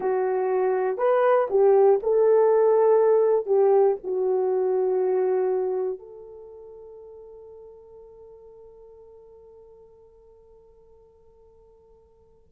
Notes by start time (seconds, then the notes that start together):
0.00 F#4
0.97 B4
1.50 G4
2.02 A4
3.45 G4
4.03 F#4
5.99 A4